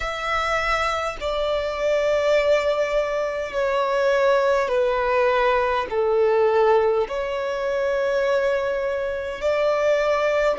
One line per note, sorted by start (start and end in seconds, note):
0.00 1.17 E5
1.20 3.52 D5
3.52 4.68 C#5
4.68 5.86 B4
5.90 7.07 A4
7.07 9.41 C#5
9.41 10.58 D5